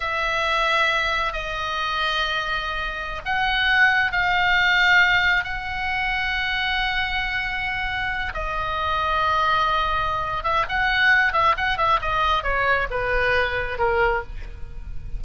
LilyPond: \new Staff \with { instrumentName = "oboe" } { \time 4/4 \tempo 4 = 135 e''2. dis''4~ | dis''2.~ dis''16 fis''8.~ | fis''4~ fis''16 f''2~ f''8.~ | f''16 fis''2.~ fis''8.~ |
fis''2~ fis''8. dis''4~ dis''16~ | dis''2.~ dis''8 e''8 | fis''4. e''8 fis''8 e''8 dis''4 | cis''4 b'2 ais'4 | }